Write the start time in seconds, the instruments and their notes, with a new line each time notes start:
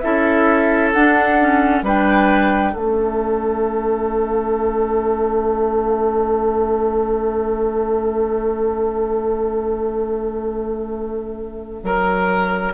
0.00 bassoon C#4, clarinet E4, oboe A4, flute E5
0.92 bassoon D4, clarinet D4, flute F#5
1.40 clarinet C#4
1.83 bassoon G3, clarinet D4, oboe B4, flute G5
2.73 bassoon A3, clarinet C#4, oboe A4, flute E5
11.83 bassoon F#3, oboe A#4